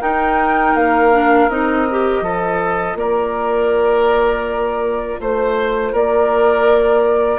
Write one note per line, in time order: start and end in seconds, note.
0.00 0.74 D#4
0.00 1.12 D#4
0.00 2.23 A#4
0.00 0.75 G5
0.74 1.48 A#3
0.74 1.49 F5
1.12 1.49 D4
1.48 2.21 C4
1.48 1.87 D#4
1.48 2.97 D#5
1.91 2.25 G4
2.21 2.94 F3
2.21 7.39 F4
2.21 2.97 A4
2.94 5.17 A#3
2.94 5.20 A#4
2.94 5.20 D5
5.20 5.93 A3
5.20 5.92 C5
5.20 5.95 C5
5.92 7.39 A#3
5.92 7.39 A#4
5.92 7.39 D5